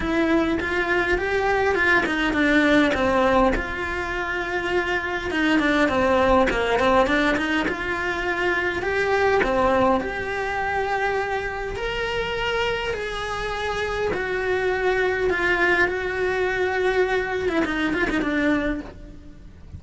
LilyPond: \new Staff \with { instrumentName = "cello" } { \time 4/4 \tempo 4 = 102 e'4 f'4 g'4 f'8 dis'8 | d'4 c'4 f'2~ | f'4 dis'8 d'8 c'4 ais8 c'8 | d'8 dis'8 f'2 g'4 |
c'4 g'2. | ais'2 gis'2 | fis'2 f'4 fis'4~ | fis'4.~ fis'16 e'16 dis'8 f'16 dis'16 d'4 | }